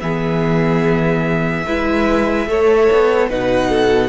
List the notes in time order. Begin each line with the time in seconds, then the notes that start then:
0.00 E3 B3 G#4 E5
1.66 G#3 E4 B4
2.47 A3 A4 C#5
2.92 B3
3.28 B2 D#4 B4 F#5
3.70 A4